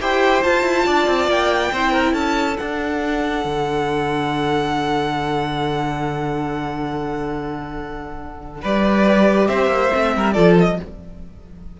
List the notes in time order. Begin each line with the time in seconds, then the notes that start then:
0.00 E4 G4 C5 G5
0.43 F4 A5
0.63 E4
0.85 D4 D5
1.06 C4
1.27 A#3 G5
1.71 C4 E4 C5
1.91 A#4
2.13 C#4 A4 A5
2.57 D4 F#5
3.44 D3
8.61 G3 B4 D5
9.04 G4
9.47 C4 C5 E5
9.66 A#3
9.91 A3 C4
10.15 G3 A#4
10.32 F3 F4 A4 D5
10.58 D#5